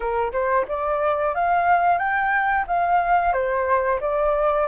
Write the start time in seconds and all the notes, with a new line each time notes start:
0.00 A#4
0.32 C5
0.68 D5
1.35 F5
1.98 G5
2.67 F5
3.32 C5
4.00 D5